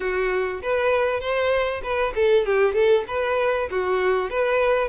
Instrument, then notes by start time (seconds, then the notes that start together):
violin
0.00 F#4
0.62 B4
1.20 C5
1.83 B4
2.15 A4
2.45 G4
2.74 A4
3.08 B4
3.70 F#4
4.30 B4